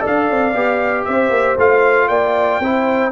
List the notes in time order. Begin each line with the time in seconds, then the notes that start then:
0.00 A4 D5
0.06 D4 F5
0.30 C4
0.54 B3 G4
1.05 C4 C5 E5
1.30 A#3
1.58 A3 F4 F5
2.09 A#3 D5 G5
2.60 C4 E4 C5